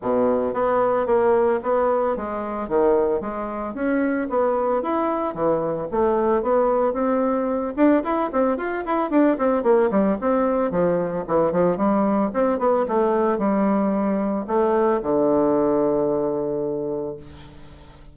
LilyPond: \new Staff \with { instrumentName = "bassoon" } { \time 4/4 \tempo 4 = 112 b,4 b4 ais4 b4 | gis4 dis4 gis4 cis'4 | b4 e'4 e4 a4 | b4 c'4. d'8 e'8 c'8 |
f'8 e'8 d'8 c'8 ais8 g8 c'4 | f4 e8 f8 g4 c'8 b8 | a4 g2 a4 | d1 | }